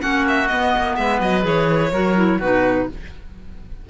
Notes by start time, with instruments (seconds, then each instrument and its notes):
0.00 cello A#3, clarinet C#4, oboe F#4, violin F#5
0.28 violin E5
0.48 clarinet B3, cello B3, violin D#5
0.77 cello A#3
0.96 cello G#3, oboe B4, violin E5
1.22 cello F#3, violin D#5
1.42 cello E3, clarinet G#4, violin C#5
1.92 cello F#3, clarinet F#4, oboe A#4
2.16 clarinet E4
2.39 cello B2, clarinet D#4, oboe F#4, violin B4